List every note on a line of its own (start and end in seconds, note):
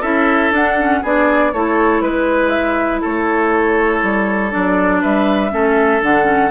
0.00 0.51 C#4
0.00 0.53 E4
0.00 1.00 A4
0.00 0.52 E5
0.51 1.01 D4
0.51 0.78 D4
0.51 1.05 F#5
0.78 1.03 C#4
1.02 1.53 B3
1.02 1.54 D4
1.02 1.52 G#4
1.02 1.53 D5
1.53 2.01 A3
1.53 4.51 E4
1.53 2.02 A4
1.53 2.01 C#5
2.01 3.01 G#3
2.01 2.49 B4
2.01 3.01 B4
2.49 2.99 E5
3.01 4.03 A3
3.01 5.01 A4
3.01 4.51 C#5
4.03 4.53 G3
4.51 5.04 F#3
4.51 5.51 D4
4.51 5.01 D5
5.01 5.52 G3
5.01 5.51 B4
5.01 6.02 E5
5.51 6.01 A3
5.51 6.01 C#4
5.51 6.51 A4
6.01 6.51 D3
6.01 6.24 D4
6.01 6.51 F#5
6.24 6.49 C#4